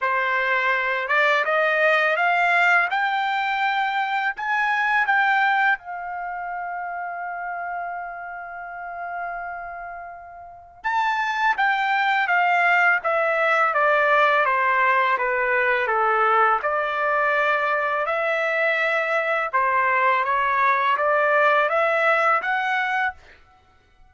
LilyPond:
\new Staff \with { instrumentName = "trumpet" } { \time 4/4 \tempo 4 = 83 c''4. d''8 dis''4 f''4 | g''2 gis''4 g''4 | f''1~ | f''2. a''4 |
g''4 f''4 e''4 d''4 | c''4 b'4 a'4 d''4~ | d''4 e''2 c''4 | cis''4 d''4 e''4 fis''4 | }